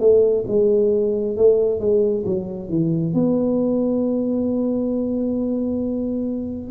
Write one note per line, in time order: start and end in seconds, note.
0.00 0.45 A3
0.48 1.37 G#3
1.37 1.80 A3
1.80 2.25 G#3
2.26 2.69 F#3
2.69 3.14 E3
3.14 6.71 B3